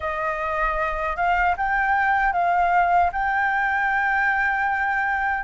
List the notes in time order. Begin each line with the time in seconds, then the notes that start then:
0.00 D#5
1.16 F5
1.57 G5
2.32 F5
3.12 G5